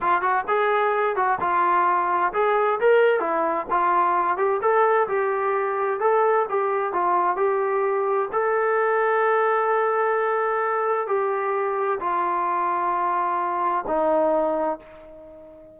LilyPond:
\new Staff \with { instrumentName = "trombone" } { \time 4/4 \tempo 4 = 130 f'8 fis'8 gis'4. fis'8 f'4~ | f'4 gis'4 ais'4 e'4 | f'4. g'8 a'4 g'4~ | g'4 a'4 g'4 f'4 |
g'2 a'2~ | a'1 | g'2 f'2~ | f'2 dis'2 | }